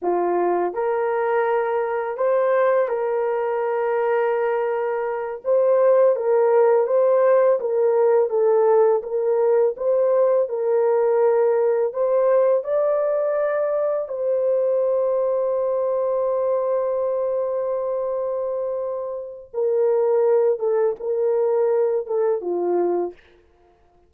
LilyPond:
\new Staff \with { instrumentName = "horn" } { \time 4/4 \tempo 4 = 83 f'4 ais'2 c''4 | ais'2.~ ais'8 c''8~ | c''8 ais'4 c''4 ais'4 a'8~ | a'8 ais'4 c''4 ais'4.~ |
ais'8 c''4 d''2 c''8~ | c''1~ | c''2. ais'4~ | ais'8 a'8 ais'4. a'8 f'4 | }